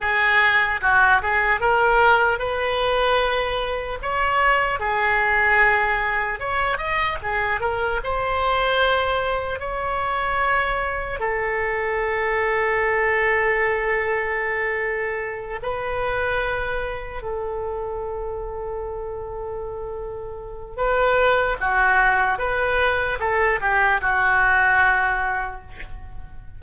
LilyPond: \new Staff \with { instrumentName = "oboe" } { \time 4/4 \tempo 4 = 75 gis'4 fis'8 gis'8 ais'4 b'4~ | b'4 cis''4 gis'2 | cis''8 dis''8 gis'8 ais'8 c''2 | cis''2 a'2~ |
a'2.~ a'8 b'8~ | b'4. a'2~ a'8~ | a'2 b'4 fis'4 | b'4 a'8 g'8 fis'2 | }